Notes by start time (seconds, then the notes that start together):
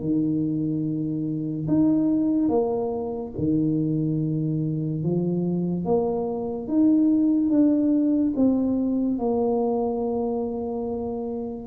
0.00 D#3
1.68 D#4
2.49 A#3
3.38 D#3
5.03 F3
5.85 A#3
6.68 D#4
7.50 D4
8.36 C4
9.19 A#3